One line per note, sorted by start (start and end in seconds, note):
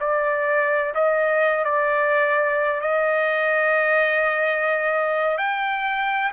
0.00 0.94 D5
0.95 1.64 D#5
1.64 2.81 D5
2.81 5.38 D#5
5.38 6.32 G5